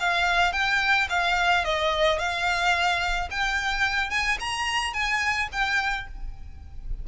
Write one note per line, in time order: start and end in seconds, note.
0.00 0.53 F5
0.53 1.08 G5
1.10 1.65 F5
1.65 2.19 D#5
2.19 3.29 F5
3.31 4.10 G5
4.10 4.38 G#5
4.40 4.94 A#5
4.94 5.49 G#5
5.52 6.08 G5